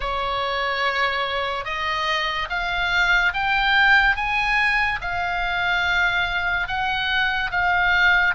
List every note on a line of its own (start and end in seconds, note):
0.00 1.64 C#5
1.64 2.48 D#5
2.49 3.33 F5
3.33 4.16 G5
4.16 4.99 G#5
5.01 6.67 F5
6.67 7.50 F#5
7.51 8.34 F5